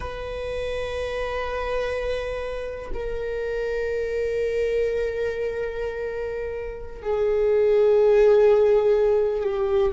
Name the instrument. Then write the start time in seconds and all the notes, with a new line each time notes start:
viola
0.00 B4
2.93 A#4
7.02 G#4
9.44 G4